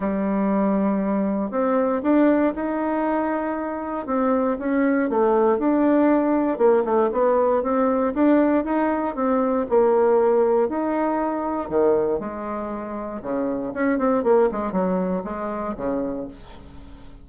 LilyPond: \new Staff \with { instrumentName = "bassoon" } { \time 4/4 \tempo 4 = 118 g2. c'4 | d'4 dis'2. | c'4 cis'4 a4 d'4~ | d'4 ais8 a8 b4 c'4 |
d'4 dis'4 c'4 ais4~ | ais4 dis'2 dis4 | gis2 cis4 cis'8 c'8 | ais8 gis8 fis4 gis4 cis4 | }